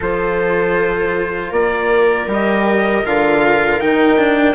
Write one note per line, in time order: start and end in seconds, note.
0.00 1.51 F3
0.00 2.28 F4
0.00 1.49 A4
0.00 1.52 C5
1.49 2.26 A#3
1.49 4.53 A#4
1.49 2.28 D5
2.26 3.02 G3
2.26 3.04 G4
2.26 3.06 D#5
3.04 3.80 D3
3.04 3.80 F4
3.04 3.80 F5
3.80 4.55 D#3
3.80 4.17 D#4
3.80 4.55 G5
4.17 4.55 D4